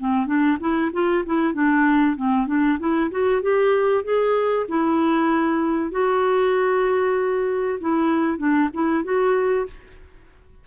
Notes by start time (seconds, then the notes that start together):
0.00 C4
0.27 D4
0.60 E4
0.93 F4
1.26 E4
1.54 D4
2.17 C4
2.47 D4
2.80 E4
3.11 F#4
3.43 G4
4.04 G#4
4.69 E4
5.92 F#4
7.81 E4
8.38 D4
8.74 E4
9.04 F#4